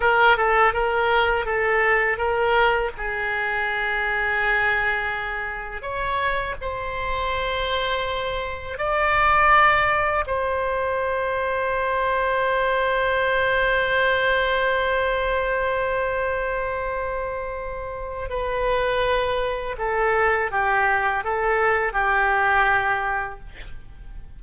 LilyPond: \new Staff \with { instrumentName = "oboe" } { \time 4/4 \tempo 4 = 82 ais'8 a'8 ais'4 a'4 ais'4 | gis'1 | cis''4 c''2. | d''2 c''2~ |
c''1~ | c''1~ | c''4 b'2 a'4 | g'4 a'4 g'2 | }